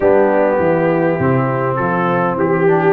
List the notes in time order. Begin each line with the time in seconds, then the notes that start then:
0.00 G3 B3 D4 G4
0.59 E3 E4
1.19 C3 C4
1.75 F3 F4 A4
2.34 E3 G4
2.67 D4